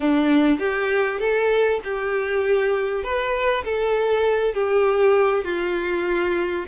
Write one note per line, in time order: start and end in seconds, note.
0.00 0.59 D4
0.59 1.19 G4
1.19 1.80 A4
1.84 3.03 G4
3.03 3.64 B4
3.64 4.54 A4
4.54 5.44 G4
5.44 6.65 F4